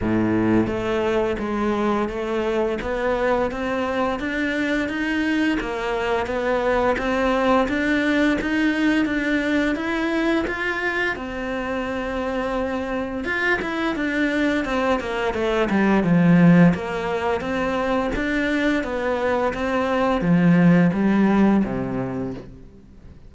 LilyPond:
\new Staff \with { instrumentName = "cello" } { \time 4/4 \tempo 4 = 86 a,4 a4 gis4 a4 | b4 c'4 d'4 dis'4 | ais4 b4 c'4 d'4 | dis'4 d'4 e'4 f'4 |
c'2. f'8 e'8 | d'4 c'8 ais8 a8 g8 f4 | ais4 c'4 d'4 b4 | c'4 f4 g4 c4 | }